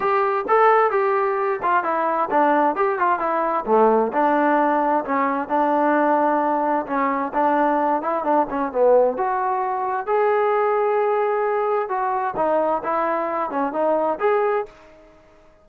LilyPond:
\new Staff \with { instrumentName = "trombone" } { \time 4/4 \tempo 4 = 131 g'4 a'4 g'4. f'8 | e'4 d'4 g'8 f'8 e'4 | a4 d'2 cis'4 | d'2. cis'4 |
d'4. e'8 d'8 cis'8 b4 | fis'2 gis'2~ | gis'2 fis'4 dis'4 | e'4. cis'8 dis'4 gis'4 | }